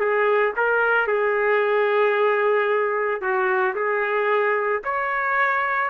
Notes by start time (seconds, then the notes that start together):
0.00 G#4
0.57 A#4
1.08 G#4
3.21 F#4
3.76 G#4
4.84 C#5